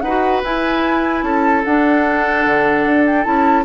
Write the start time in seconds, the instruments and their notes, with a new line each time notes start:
0.00 bassoon D#4, oboe B4, flute F#5
0.06 clarinet F#4
0.43 bassoon E4, clarinet E4, flute G#5
1.22 bassoon C#4, oboe A4, flute A5
1.64 bassoon D4, clarinet D4, flute F#5
2.45 bassoon D3
2.85 bassoon D4
3.06 flute G5
3.23 bassoon C#4, clarinet E4, flute A5